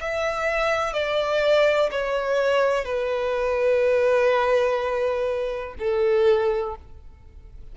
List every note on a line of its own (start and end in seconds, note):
0.00 0.93 E5
0.93 1.90 D5
1.91 2.84 C#5
2.84 5.74 B4
5.78 6.75 A4